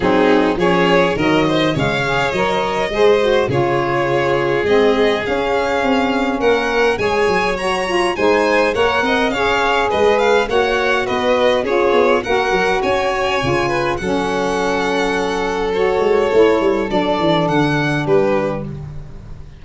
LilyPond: <<
  \new Staff \with { instrumentName = "violin" } { \time 4/4 \tempo 4 = 103 gis'4 cis''4 dis''4 f''4 | dis''2 cis''2 | dis''4 f''2 fis''4 | gis''4 ais''4 gis''4 fis''4 |
f''4 dis''8 f''8 fis''4 dis''4 | cis''4 fis''4 gis''2 | fis''2. cis''4~ | cis''4 d''4 fis''4 b'4 | }
  \new Staff \with { instrumentName = "violin" } { \time 4/4 dis'4 gis'4 ais'8 c''8 cis''4~ | cis''4 c''4 gis'2~ | gis'2. ais'4 | cis''2 c''4 cis''8 dis''8 |
cis''4 b'4 cis''4 b'4 | gis'4 ais'4 cis''4. b'8 | a'1~ | a'2. g'4 | }
  \new Staff \with { instrumentName = "saxophone" } { \time 4/4 c'4 cis'4 fis4 gis8 gis'8 | ais'4 gis'8 fis'8 f'2 | c'4 cis'2. | gis'4 fis'8 f'8 dis'4 ais'4 |
gis'2 fis'2 | f'4 fis'2 f'4 | cis'2. fis'4 | e'4 d'2. | }
  \new Staff \with { instrumentName = "tuba" } { \time 4/4 fis4 f4 dis4 cis4 | fis4 gis4 cis2 | gis4 cis'4 c'4 ais4 | gis8 fis4. gis4 ais8 c'8 |
cis'4 gis4 ais4 b4 | cis'8 b8 ais8 fis8 cis'4 cis4 | fis2.~ fis8 gis8 | a8 g8 fis8 e8 d4 g4 | }
>>